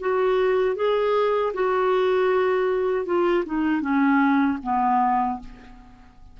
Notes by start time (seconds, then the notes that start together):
0.00 F#4
0.76 G#4
1.54 F#4
3.06 F4
3.46 D#4
3.81 C#4
4.63 B3